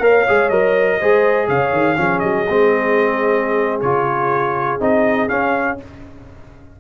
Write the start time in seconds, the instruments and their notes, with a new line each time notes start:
0.00 tuba A#3, trombone A#4, horn C#5, trumpet F5
0.28 tuba G#3, trombone G#4
0.49 tuba F#3, trombone A#4, trumpet D#5
0.98 tuba G#3, trombone G#4, horn C5
1.48 tuba C#3, horn C#5, trumpet F5
1.73 tuba D#3
1.96 tuba F3, trombone C#4, horn G#4
2.20 tuba F#3, trumpet D#5
2.49 tuba G#3, trombone C4
3.81 tuba C#3, trombone F4, trumpet C#5
4.80 tuba C4, trombone D#4, trumpet D#5
5.28 trombone C#4, tuba C#4, trumpet F5